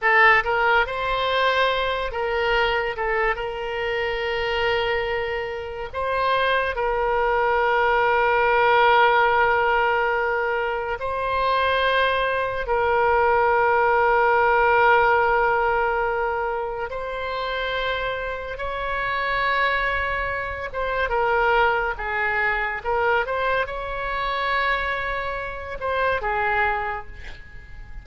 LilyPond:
\new Staff \with { instrumentName = "oboe" } { \time 4/4 \tempo 4 = 71 a'8 ais'8 c''4. ais'4 a'8 | ais'2. c''4 | ais'1~ | ais'4 c''2 ais'4~ |
ais'1 | c''2 cis''2~ | cis''8 c''8 ais'4 gis'4 ais'8 c''8 | cis''2~ cis''8 c''8 gis'4 | }